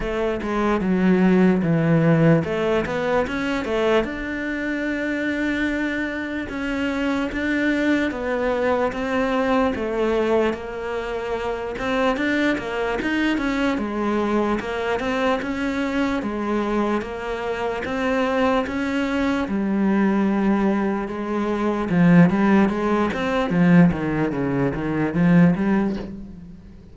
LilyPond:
\new Staff \with { instrumentName = "cello" } { \time 4/4 \tempo 4 = 74 a8 gis8 fis4 e4 a8 b8 | cis'8 a8 d'2. | cis'4 d'4 b4 c'4 | a4 ais4. c'8 d'8 ais8 |
dis'8 cis'8 gis4 ais8 c'8 cis'4 | gis4 ais4 c'4 cis'4 | g2 gis4 f8 g8 | gis8 c'8 f8 dis8 cis8 dis8 f8 g8 | }